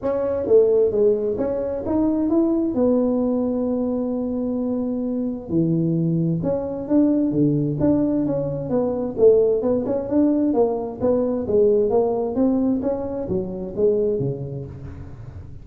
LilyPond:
\new Staff \with { instrumentName = "tuba" } { \time 4/4 \tempo 4 = 131 cis'4 a4 gis4 cis'4 | dis'4 e'4 b2~ | b1 | e2 cis'4 d'4 |
d4 d'4 cis'4 b4 | a4 b8 cis'8 d'4 ais4 | b4 gis4 ais4 c'4 | cis'4 fis4 gis4 cis4 | }